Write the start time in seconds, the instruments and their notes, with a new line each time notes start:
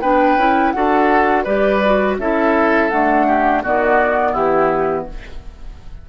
0.00 bassoon B3, clarinet D4, oboe B4, flute G5
0.36 bassoon C#4, clarinet E4
0.71 bassoon D4, clarinet F#4, oboe A4, flute F#5
1.44 bassoon G3, clarinet G4, oboe B4, flute D5
1.85 clarinet F#4
2.17 bassoon C#4, clarinet E4, oboe A4, flute E5
2.89 clarinet A3, bassoon D4, flute F#5
3.26 oboe G4
3.62 bassoon D#3, clarinet B3, oboe F#4, flute D5
4.32 bassoon E3, oboe E4, flute G4